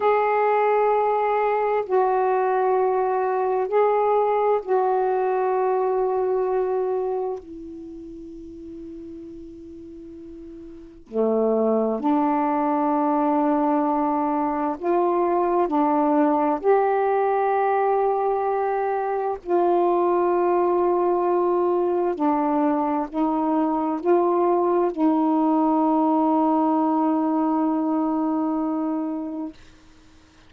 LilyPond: \new Staff \with { instrumentName = "saxophone" } { \time 4/4 \tempo 4 = 65 gis'2 fis'2 | gis'4 fis'2. | e'1 | a4 d'2. |
f'4 d'4 g'2~ | g'4 f'2. | d'4 dis'4 f'4 dis'4~ | dis'1 | }